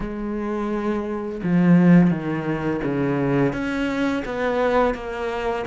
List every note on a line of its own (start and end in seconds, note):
0.00 1.41 G#3
1.43 2.10 F3
2.10 2.80 D#3
2.83 3.52 C#3
3.52 4.23 C#4
4.25 4.94 B3
4.94 5.64 A#3